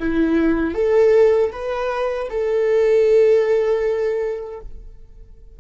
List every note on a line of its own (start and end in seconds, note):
0.00 0.75 E4
0.75 1.52 A4
1.52 2.29 B4
2.30 4.60 A4